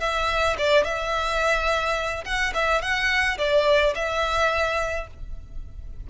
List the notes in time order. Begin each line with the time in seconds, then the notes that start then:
0.00 E5
0.58 D5
0.84 E5
2.25 F#5
2.54 E5
2.81 F#5
3.38 D5
3.95 E5